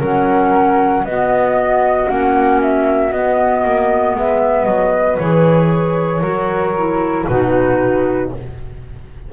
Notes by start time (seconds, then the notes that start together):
0.00 F#3 C#4 A#4 F#5
1.04 B3 F#4 D#5
2.08 A#3 C#4 F#5
2.62 E5
3.12 B3 D#5
3.65 A#3
4.16 G#3 B4 E5
4.65 F#3 D#5
5.18 E3 G#4 C#5
6.22 F#3 F#4 A#4
6.77 E4
7.27 B2 D#4 F#4 B4